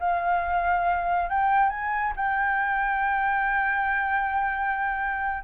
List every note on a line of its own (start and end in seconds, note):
0.00 1.30 F5
1.30 1.70 G5
1.70 2.13 G#5
2.16 5.44 G5